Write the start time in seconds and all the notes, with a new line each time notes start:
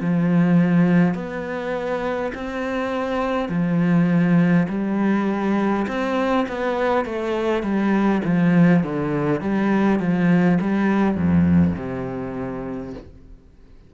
0.00 F3
1.14 B3
2.34 C4
3.49 F3
4.69 G3
5.87 C4
6.48 B3
7.05 A3
7.63 G3
8.25 F3
8.83 D3
9.41 G3
9.99 F3
10.61 G3
11.15 F2
11.76 C3